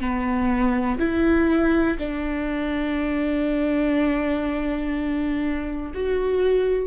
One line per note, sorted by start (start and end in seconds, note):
0.00 0.98 B3
0.99 1.98 E4
1.99 5.92 D4
5.94 6.87 F#4